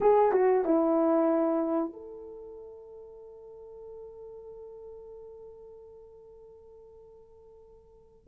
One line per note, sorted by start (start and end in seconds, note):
0.01 0.32 G#4
0.32 0.64 F#4
0.65 1.92 E4
1.92 8.27 A4